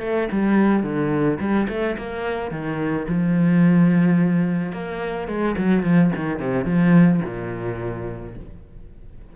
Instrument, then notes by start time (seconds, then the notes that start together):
cello
0.00 A3
0.32 G3
0.83 D3
1.39 G3
1.68 A3
1.97 A#3
2.51 D#3
3.08 F3
4.72 A#3
5.28 G#3
5.57 F#3
5.83 F3
6.15 D#3
6.39 C3
6.65 F3
7.24 A#2